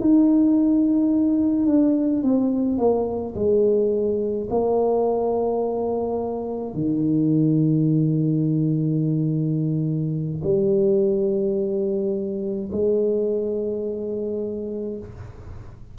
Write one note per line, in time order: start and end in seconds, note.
0.00 1.67 D#4
1.67 2.23 D4
2.23 2.78 C4
2.78 3.35 A#3
3.35 4.48 G#3
4.50 6.74 A#3
6.74 10.42 D#3
10.44 12.70 G3
12.72 14.98 G#3